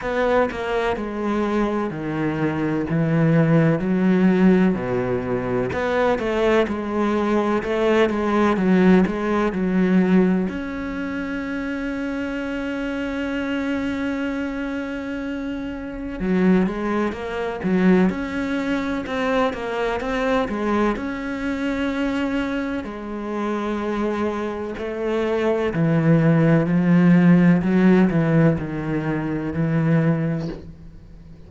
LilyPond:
\new Staff \with { instrumentName = "cello" } { \time 4/4 \tempo 4 = 63 b8 ais8 gis4 dis4 e4 | fis4 b,4 b8 a8 gis4 | a8 gis8 fis8 gis8 fis4 cis'4~ | cis'1~ |
cis'4 fis8 gis8 ais8 fis8 cis'4 | c'8 ais8 c'8 gis8 cis'2 | gis2 a4 e4 | f4 fis8 e8 dis4 e4 | }